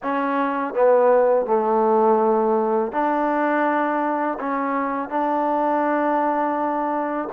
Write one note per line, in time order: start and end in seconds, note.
0.02 0.74 C#4
0.74 1.45 B3
1.45 2.92 A3
2.92 4.38 D4
4.39 5.09 C#4
5.09 7.28 D4